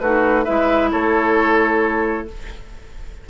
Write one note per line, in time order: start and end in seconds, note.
0.00 0.46 A3
0.00 0.46 D#4
0.00 0.45 F#4
0.00 0.45 B4
0.45 0.94 G#3
0.45 2.28 E4
0.45 0.90 B4
0.45 0.91 E5
0.92 2.30 A3
0.92 2.28 A4
0.92 2.28 C#5